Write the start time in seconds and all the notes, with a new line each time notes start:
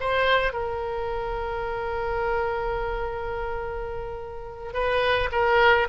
0.00 C5
0.53 A#4
4.73 B4
5.32 A#4